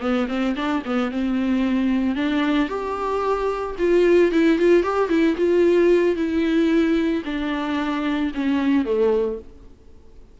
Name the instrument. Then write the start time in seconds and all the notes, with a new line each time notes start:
viola
0.00 B3
0.28 C4
0.56 D4
0.85 B3
1.11 C4
2.15 D4
2.68 G4
3.78 F4
4.32 E4
4.58 F4
4.83 G4
5.09 E4
5.37 F4
6.16 E4
7.25 D4
8.34 C#4
8.85 A3